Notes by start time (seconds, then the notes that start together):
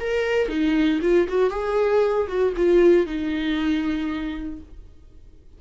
0.00 A#4
0.48 D#4
1.02 F4
1.28 F#4
1.50 G#4
2.28 F#4
2.56 F4
3.06 D#4